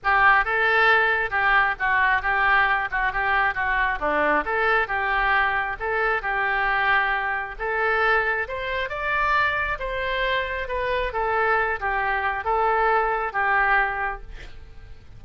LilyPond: \new Staff \with { instrumentName = "oboe" } { \time 4/4 \tempo 4 = 135 g'4 a'2 g'4 | fis'4 g'4. fis'8 g'4 | fis'4 d'4 a'4 g'4~ | g'4 a'4 g'2~ |
g'4 a'2 c''4 | d''2 c''2 | b'4 a'4. g'4. | a'2 g'2 | }